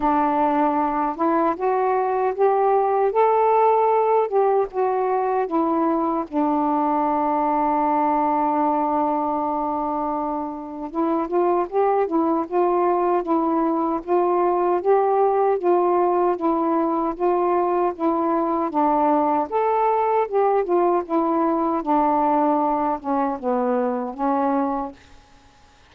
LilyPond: \new Staff \with { instrumentName = "saxophone" } { \time 4/4 \tempo 4 = 77 d'4. e'8 fis'4 g'4 | a'4. g'8 fis'4 e'4 | d'1~ | d'2 e'8 f'8 g'8 e'8 |
f'4 e'4 f'4 g'4 | f'4 e'4 f'4 e'4 | d'4 a'4 g'8 f'8 e'4 | d'4. cis'8 b4 cis'4 | }